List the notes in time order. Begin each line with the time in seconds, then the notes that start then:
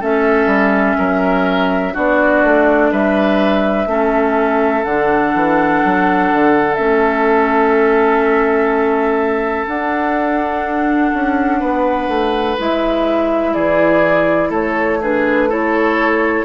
0.00 A3 C#4 A4 E5
0.46 G3
0.98 F#3 A#4
1.93 B3 D4 F#4 D5
2.43 A3
2.91 G3 B4 E5
3.86 A3 C#4 A4
4.84 D3 D4 F#5
5.34 E3
5.84 F#3
6.32 D3
6.74 A3 C#4 E5
9.67 D4 F#5
11.13 C#4
11.59 B3 B4
12.08 A3
12.58 G#3 E4 E5
13.53 E3 G#4 D5
14.49 A3 A4 C#5
15.01 D4 G#4 B4
15.49 E4 A4 C#5